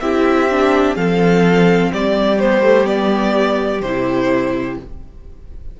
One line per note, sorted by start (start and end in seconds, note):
0.00 0.96 C4
0.00 0.49 E4
0.00 0.96 G4
0.00 0.95 E5
0.50 0.96 D4
0.96 1.91 F3
0.96 2.39 C4
0.96 1.91 A4
0.96 1.91 F5
1.92 3.81 G3
1.92 4.78 G4
1.92 2.39 D5
2.39 2.62 B3
2.39 2.86 C5
2.62 2.83 A3
2.83 3.79 B3
2.83 3.81 D5
3.81 4.77 C3
3.81 4.80 E4
3.81 4.76 C5